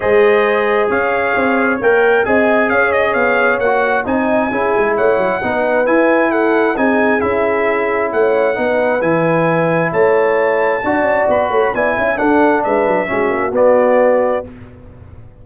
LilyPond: <<
  \new Staff \with { instrumentName = "trumpet" } { \time 4/4 \tempo 4 = 133 dis''2 f''2 | g''4 gis''4 f''8 dis''8 f''4 | fis''4 gis''2 fis''4~ | fis''4 gis''4 fis''4 gis''4 |
e''2 fis''2 | gis''2 a''2~ | a''4 b''4 gis''4 fis''4 | e''2 d''2 | }
  \new Staff \with { instrumentName = "horn" } { \time 4/4 c''2 cis''2~ | cis''4 dis''4 cis''2~ | cis''4 dis''4 gis'4 cis''4 | b'2 a'4 gis'4~ |
gis'2 cis''4 b'4~ | b'2 cis''2 | d''4. cis''8 d''8 e''8 a'4 | b'4 fis'2. | }
  \new Staff \with { instrumentName = "trombone" } { \time 4/4 gis'1 | ais'4 gis'2. | fis'4 dis'4 e'2 | dis'4 e'2 dis'4 |
e'2. dis'4 | e'1 | fis'2 e'4 d'4~ | d'4 cis'4 b2 | }
  \new Staff \with { instrumentName = "tuba" } { \time 4/4 gis2 cis'4 c'4 | ais4 c'4 cis'4 b4 | ais4 c'4 cis'8 gis8 a8 fis8 | b4 e'2 c'4 |
cis'2 a4 b4 | e2 a2 | d'8 cis'8 b8 a8 b8 cis'8 d'4 | gis8 fis8 gis8 ais8 b2 | }
>>